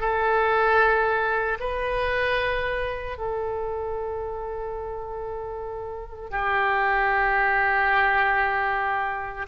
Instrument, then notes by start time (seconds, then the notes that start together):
oboe
0.00 A4
1.60 B4
3.17 A4
6.31 G4